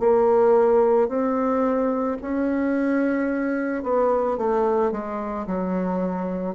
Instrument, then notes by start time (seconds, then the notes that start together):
bassoon
0.00 A#3
1.09 C4
2.22 C#4
3.84 B3
4.38 A3
4.92 G#3
5.47 F#3